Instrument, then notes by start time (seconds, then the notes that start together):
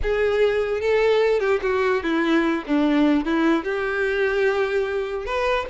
violin
0.02 G#4
0.81 A4
1.39 G4
1.62 F#4
2.03 E4
2.66 D4
3.25 E4
3.64 G4
5.25 B4